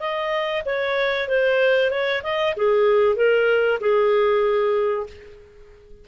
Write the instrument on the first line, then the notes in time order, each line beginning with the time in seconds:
clarinet
0.00 D#5
0.66 C#5
1.29 C5
1.91 C#5
2.24 D#5
2.57 G#4
3.16 A#4
3.81 G#4